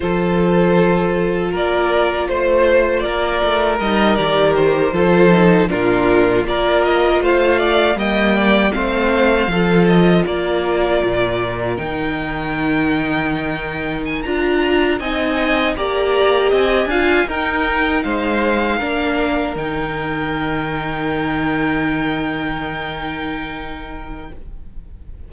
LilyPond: <<
  \new Staff \with { instrumentName = "violin" } { \time 4/4 \tempo 4 = 79 c''2 d''4 c''4 | d''4 dis''8 d''8 c''4. ais'8~ | ais'8 d''8 dis''8 f''4 g''4 f''8~ | f''4 dis''8 d''2 g''8~ |
g''2~ g''8 gis''16 ais''4 gis''16~ | gis''8. ais''4 gis''4 g''4 f''16~ | f''4.~ f''16 g''2~ g''16~ | g''1 | }
  \new Staff \with { instrumentName = "violin" } { \time 4/4 a'2 ais'4 c''4 | ais'2~ ais'8 a'4 f'8~ | f'8 ais'4 c''8 d''8 dis''8 d''8 c''8~ | c''8 a'4 ais'2~ ais'8~ |
ais'2.~ ais'8. dis''16~ | dis''8. d''4 dis''8 f''8 ais'4 c''16~ | c''8. ais'2.~ ais'16~ | ais'1 | }
  \new Staff \with { instrumentName = "viola" } { \time 4/4 f'1~ | f'4 dis'8 g'4 f'8 dis'8 d'8~ | d'8 f'2 ais4 c'8~ | c'8 f'2. dis'8~ |
dis'2~ dis'8. f'4 dis'16~ | dis'8. g'4. f'8 dis'4~ dis'16~ | dis'8. d'4 dis'2~ dis'16~ | dis'1 | }
  \new Staff \with { instrumentName = "cello" } { \time 4/4 f2 ais4 a4 | ais8 a8 g8 dis4 f4 ais,8~ | ais,8 ais4 a4 g4 a8~ | a8 f4 ais4 ais,4 dis8~ |
dis2~ dis8. d'4 c'16~ | c'8. ais4 c'8 d'8 dis'4 gis16~ | gis8. ais4 dis2~ dis16~ | dis1 | }
>>